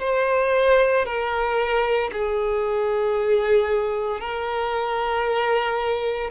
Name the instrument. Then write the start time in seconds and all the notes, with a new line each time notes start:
violin
0.00 C5
1.06 A#4
2.13 G#4
4.21 A#4